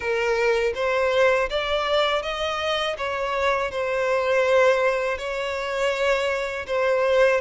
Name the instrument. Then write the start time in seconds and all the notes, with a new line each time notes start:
violin
0.00 A#4
0.74 C5
1.49 D5
2.22 D#5
2.97 C#5
3.71 C5
5.18 C#5
6.67 C5